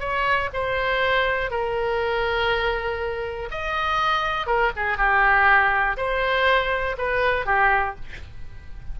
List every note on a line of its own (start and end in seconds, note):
0.00 0.50 C#5
0.54 1.51 C5
1.51 3.49 A#4
3.51 4.47 D#5
4.47 4.72 A#4
4.76 4.98 G#4
4.98 5.97 G4
5.97 6.96 C5
6.98 7.46 B4
7.46 7.95 G4